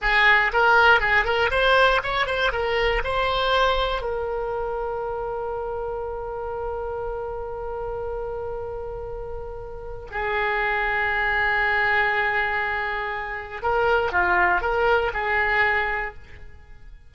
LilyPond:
\new Staff \with { instrumentName = "oboe" } { \time 4/4 \tempo 4 = 119 gis'4 ais'4 gis'8 ais'8 c''4 | cis''8 c''8 ais'4 c''2 | ais'1~ | ais'1~ |
ais'1 | gis'1~ | gis'2. ais'4 | f'4 ais'4 gis'2 | }